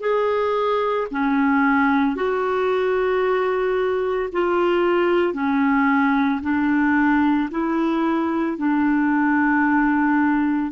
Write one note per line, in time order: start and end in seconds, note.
0.00 1.07 G#4
1.11 2.15 C#4
2.15 4.30 F#4
4.32 5.34 F4
5.34 6.41 C#4
6.42 7.49 D4
7.50 8.57 E4
8.57 10.71 D4